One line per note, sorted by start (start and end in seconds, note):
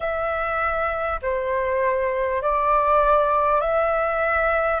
0.00 1.20 E5
1.22 2.42 C5
2.42 3.60 D5
3.60 4.80 E5